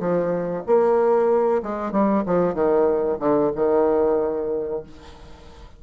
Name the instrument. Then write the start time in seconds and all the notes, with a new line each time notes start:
bassoon
0.00 F3
0.67 A#3
1.63 G#3
1.92 G3
2.26 F3
2.54 D#3
3.20 D3
3.55 D#3